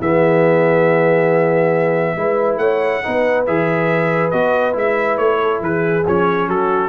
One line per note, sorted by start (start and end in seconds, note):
0.00 2.16 E3
0.00 2.17 B3
0.00 2.16 G#4
0.00 2.58 E5
2.16 2.57 G#3
2.16 3.03 E4
2.16 2.60 B4
2.57 3.00 A3
2.57 3.03 C#5
2.57 3.44 F#5
3.03 3.47 B3
3.03 3.46 D#4
3.03 5.42 B4
3.46 4.33 E3
3.46 4.33 G#4
3.46 4.30 E5
4.30 4.75 B3
4.30 4.73 F#4
4.30 4.74 D#5
4.73 5.18 G#3
4.73 6.02 E4
4.73 5.17 E5
5.17 5.60 A3
5.17 5.60 C#5
5.42 5.63 A4
5.60 6.03 E3
5.60 6.48 G#4
5.60 6.07 B4
6.07 6.48 F3
6.07 6.89 C#4
6.07 6.49 C#5
6.48 6.89 F#3
6.48 6.89 F#4
6.48 6.89 A4